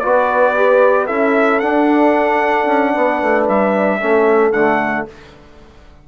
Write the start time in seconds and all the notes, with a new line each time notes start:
0.00 B3 F#4 B4 D5
0.56 G4
1.06 C#4 E4 A4 E5
1.60 D4 F#5
2.66 C#4
2.94 B3 B4
3.22 A3
3.49 G3 E5
4.01 A3 C#4 A4
4.52 D3 A3 F#5